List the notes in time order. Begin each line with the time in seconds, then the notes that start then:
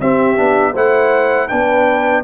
0.00 C4 G4 E5
0.36 B3 D4
0.72 A3 E4 C5 F#5
1.48 B3 D4 B4 G5